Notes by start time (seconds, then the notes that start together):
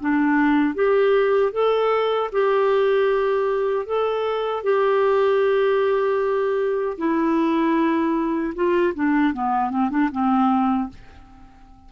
0.00 D4
0.75 G4
1.52 A4
2.32 G4
3.86 A4
4.63 G4
6.98 E4
8.55 F4
8.95 D4
9.33 B3
9.70 C4
9.90 D4
10.12 C4